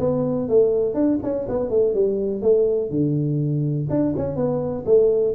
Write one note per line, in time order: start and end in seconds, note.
0.00 0.49 B3
0.49 0.94 A3
0.94 1.19 D4
1.23 1.47 C#4
1.49 1.70 B3
1.70 1.94 A3
1.94 2.42 G3
2.42 2.91 A3
2.91 3.88 D3
3.90 4.14 D4
4.17 4.36 C#4
4.36 4.85 B3
4.86 5.35 A3